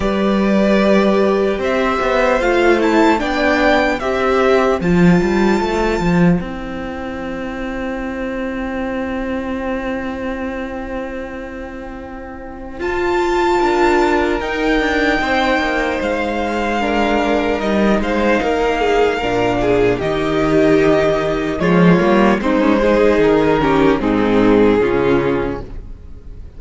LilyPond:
<<
  \new Staff \with { instrumentName = "violin" } { \time 4/4 \tempo 4 = 75 d''2 e''4 f''8 a''8 | g''4 e''4 a''2 | g''1~ | g''1 |
a''2 g''2 | f''2 dis''8 f''4.~ | f''4 dis''2 cis''4 | c''4 ais'4 gis'2 | }
  \new Staff \with { instrumentName = "violin" } { \time 4/4 b'2 c''2 | d''4 c''2.~ | c''1~ | c''1~ |
c''4 ais'2 c''4~ | c''4 ais'4. c''8 ais'8 gis'8 | ais'8 gis'8 g'2 f'4 | dis'8 gis'4 g'8 dis'4 f'4 | }
  \new Staff \with { instrumentName = "viola" } { \time 4/4 g'2. f'8 e'8 | d'4 g'4 f'2 | e'1~ | e'1 |
f'2 dis'2~ | dis'4 d'4 dis'2 | d'4 dis'2 gis8 ais8 | c'16 cis'16 dis'4 cis'8 c'4 cis'4 | }
  \new Staff \with { instrumentName = "cello" } { \time 4/4 g2 c'8 b8 a4 | b4 c'4 f8 g8 a8 f8 | c'1~ | c'1 |
f'4 d'4 dis'8 d'8 c'8 ais8 | gis2 g8 gis8 ais4 | ais,4 dis2 f8 g8 | gis4 dis4 gis,4 cis4 | }
>>